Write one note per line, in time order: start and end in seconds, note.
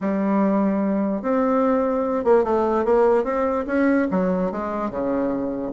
0.00 1.22 G3
1.22 2.24 C4
2.24 2.44 A#3
2.44 2.84 A3
2.84 3.24 A#3
3.24 3.64 C4
3.66 4.07 C#4
4.10 4.51 F#3
4.51 4.90 G#3
4.90 5.72 C#3